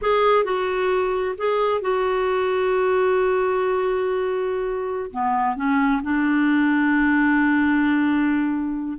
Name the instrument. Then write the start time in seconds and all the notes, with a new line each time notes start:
clarinet
0.01 G#4
0.44 F#4
1.37 G#4
1.81 F#4
5.11 B3
5.56 C#4
6.02 D4